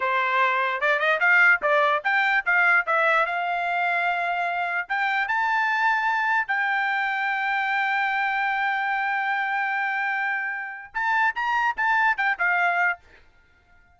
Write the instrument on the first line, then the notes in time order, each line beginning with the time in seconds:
trumpet
0.00 C5
0.81 D5
0.99 D#5
1.20 F5
1.62 D5
2.03 G5
2.45 F5
2.86 E5
3.26 F5
4.88 G5
5.28 A5
6.47 G5
10.94 A5
11.35 A#5
11.77 A5
12.17 G5
12.38 F5